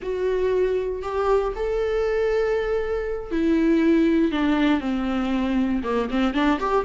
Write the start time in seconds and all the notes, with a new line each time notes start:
0.02 F#4
1.02 G4
1.55 A4
3.31 E4
4.31 D4
4.80 C4
5.83 A#3
6.10 C4
6.34 D4
6.59 G4